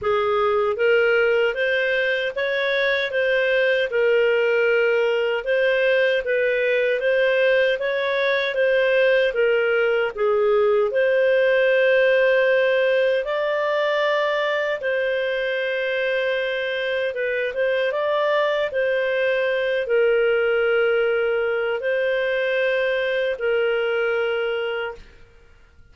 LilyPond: \new Staff \with { instrumentName = "clarinet" } { \time 4/4 \tempo 4 = 77 gis'4 ais'4 c''4 cis''4 | c''4 ais'2 c''4 | b'4 c''4 cis''4 c''4 | ais'4 gis'4 c''2~ |
c''4 d''2 c''4~ | c''2 b'8 c''8 d''4 | c''4. ais'2~ ais'8 | c''2 ais'2 | }